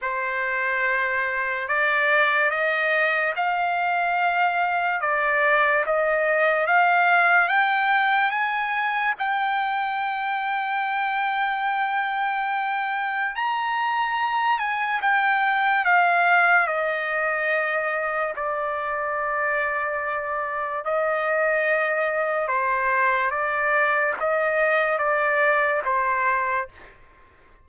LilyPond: \new Staff \with { instrumentName = "trumpet" } { \time 4/4 \tempo 4 = 72 c''2 d''4 dis''4 | f''2 d''4 dis''4 | f''4 g''4 gis''4 g''4~ | g''1 |
ais''4. gis''8 g''4 f''4 | dis''2 d''2~ | d''4 dis''2 c''4 | d''4 dis''4 d''4 c''4 | }